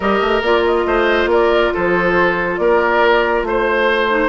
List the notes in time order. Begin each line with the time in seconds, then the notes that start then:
0.00 G3 G4 A#4 D#5
0.21 A3
0.41 A#3 F4 D5
0.66 D#5
0.86 A3 C5
1.26 A#3 A#4 D5
1.73 F3 A4 C5
2.57 A#3 A#4 D5
3.43 A3 C5
4.10 D#4